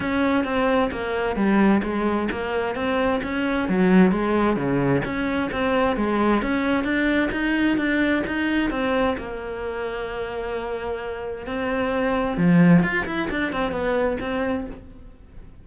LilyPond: \new Staff \with { instrumentName = "cello" } { \time 4/4 \tempo 4 = 131 cis'4 c'4 ais4 g4 | gis4 ais4 c'4 cis'4 | fis4 gis4 cis4 cis'4 | c'4 gis4 cis'4 d'4 |
dis'4 d'4 dis'4 c'4 | ais1~ | ais4 c'2 f4 | f'8 e'8 d'8 c'8 b4 c'4 | }